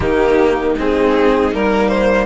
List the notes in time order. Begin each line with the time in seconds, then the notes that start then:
0.00 D#3 A#3 D#4 G4
0.76 G#3 C4 G#4
1.51 G3 A#3 A#4
1.88 C5